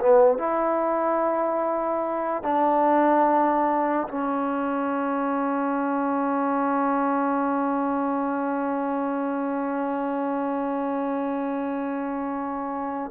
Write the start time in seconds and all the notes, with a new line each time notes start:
0.00 B3
0.38 E4
2.44 D4
4.08 C#4